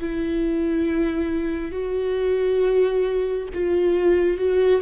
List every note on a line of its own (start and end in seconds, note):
0.00 1.72 E4
1.72 3.48 F#4
3.54 4.38 F4
4.38 4.82 F#4